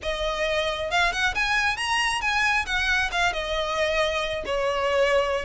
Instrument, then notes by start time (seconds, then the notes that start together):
violin
0.02 D#5
0.91 F5
1.12 F#5
1.34 G#5
1.76 A#5
2.21 G#5
2.66 F#5
3.11 F5
3.32 D#5
4.45 C#5